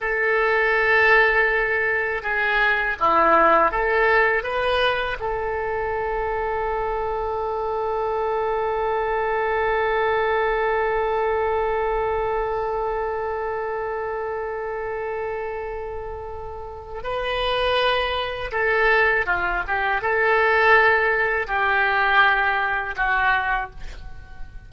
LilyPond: \new Staff \with { instrumentName = "oboe" } { \time 4/4 \tempo 4 = 81 a'2. gis'4 | e'4 a'4 b'4 a'4~ | a'1~ | a'1~ |
a'1~ | a'2. b'4~ | b'4 a'4 f'8 g'8 a'4~ | a'4 g'2 fis'4 | }